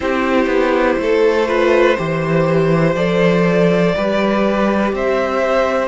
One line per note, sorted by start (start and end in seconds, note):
0.00 0.46 C4
0.00 1.46 E4
0.00 1.00 G4
0.00 2.95 C5
0.46 0.95 B3
0.98 1.96 A3
0.98 1.48 A4
1.47 1.96 F4
1.47 1.97 B4
1.98 2.95 E3
1.98 2.96 G4
1.98 3.95 C5
2.95 3.93 F3
2.95 3.94 A4
2.95 4.92 D5
3.95 4.92 G3
3.95 5.88 G4
3.95 4.94 B4
4.92 5.88 C4
4.92 5.88 C5
4.92 5.88 E5